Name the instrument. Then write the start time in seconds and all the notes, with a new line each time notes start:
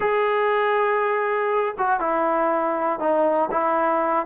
trombone
0.00 G#4
1.77 F#4
2.00 E4
2.99 D#4
3.51 E4